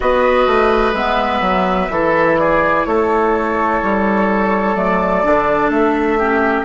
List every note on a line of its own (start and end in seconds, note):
0.00 0.46 B3
0.00 0.94 F#4
0.00 1.91 B4
0.00 0.94 D#5
0.46 0.93 A3
0.93 1.40 G#3
0.93 1.89 B3
0.93 2.37 E5
1.40 1.88 F#3
1.89 2.84 E3
1.89 4.75 E4
1.89 2.39 A4
2.37 2.87 G#4
2.37 2.85 D5
2.85 3.82 A3
2.85 6.18 A4
2.85 4.75 C#5
3.82 4.75 G3
4.75 5.23 F#3
4.75 5.23 A3
4.75 5.70 D5
5.23 5.69 D3
5.23 6.18 D4
5.69 6.64 A3
5.69 6.64 E5
6.18 6.64 C#4
6.18 6.64 G4